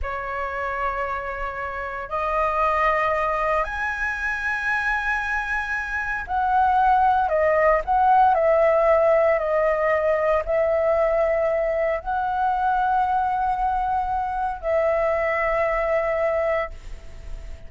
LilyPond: \new Staff \with { instrumentName = "flute" } { \time 4/4 \tempo 4 = 115 cis''1 | dis''2. gis''4~ | gis''1 | fis''2 dis''4 fis''4 |
e''2 dis''2 | e''2. fis''4~ | fis''1 | e''1 | }